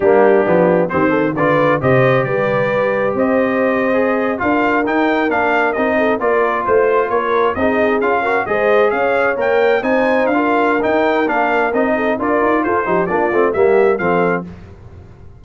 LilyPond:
<<
  \new Staff \with { instrumentName = "trumpet" } { \time 4/4 \tempo 4 = 133 g'2 c''4 d''4 | dis''4 d''2 dis''4~ | dis''4.~ dis''16 f''4 g''4 f''16~ | f''8. dis''4 d''4 c''4 cis''16~ |
cis''8. dis''4 f''4 dis''4 f''16~ | f''8. g''4 gis''4 f''4~ f''16 | g''4 f''4 dis''4 d''4 | c''4 d''4 e''4 f''4 | }
  \new Staff \with { instrumentName = "horn" } { \time 4/4 d'2 g'8 a'8 b'4 | c''4 b'2 c''4~ | c''4.~ c''16 ais'2~ ais'16~ | ais'4~ ais'16 a'8 ais'4 c''4 ais'16~ |
ais'8. gis'4. ais'8 c''4 cis''16~ | cis''4.~ cis''16 c''4~ c''16 ais'4~ | ais'2~ ais'8 a'8 ais'4 | a'8 g'8 f'4 g'4 a'4 | }
  \new Staff \with { instrumentName = "trombone" } { \time 4/4 ais4 b4 c'4 f'4 | g'1~ | g'8. gis'4 f'4 dis'4 d'16~ | d'8. dis'4 f'2~ f'16~ |
f'8. dis'4 f'8 fis'8 gis'4~ gis'16~ | gis'8. ais'4 dis'4~ dis'16 f'4 | dis'4 d'4 dis'4 f'4~ | f'8 dis'8 d'8 c'8 ais4 c'4 | }
  \new Staff \with { instrumentName = "tuba" } { \time 4/4 g4 f4 dis4 d4 | c4 g2 c'4~ | c'4.~ c'16 d'4 dis'4 ais16~ | ais8. c'4 ais4 a4 ais16~ |
ais8. c'4 cis'4 gis4 cis'16~ | cis'8. ais4 c'4 d'4~ d'16 | dis'4 ais4 c'4 d'8 dis'8 | f'8 f8 ais8 a8 g4 f4 | }
>>